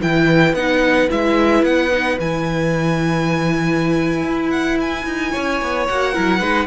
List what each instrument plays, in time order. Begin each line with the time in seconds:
0.00 cello E3, viola E4, violin B4 G5
0.53 cello B3, viola D#4, violin F#5
1.08 cello G#3, viola E4, violin E5
1.62 cello B3, violin F#5
1.91 viola D#4
2.19 cello E3, viola E4, violin G#5
4.22 cello E4
4.50 violin F#5
4.80 violin G#5
5.05 cello D#4
5.31 cello C#4, violin C#5
5.61 cello B3
5.87 cello A#3, viola F#4, violin F#5
6.13 cello F#3, viola E4, violin A#4
6.39 cello G#3, viola D#4, violin B4